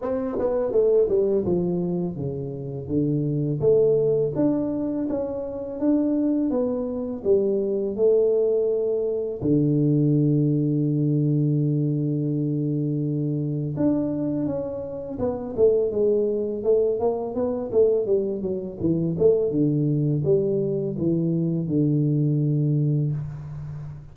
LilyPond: \new Staff \with { instrumentName = "tuba" } { \time 4/4 \tempo 4 = 83 c'8 b8 a8 g8 f4 cis4 | d4 a4 d'4 cis'4 | d'4 b4 g4 a4~ | a4 d2.~ |
d2. d'4 | cis'4 b8 a8 gis4 a8 ais8 | b8 a8 g8 fis8 e8 a8 d4 | g4 e4 d2 | }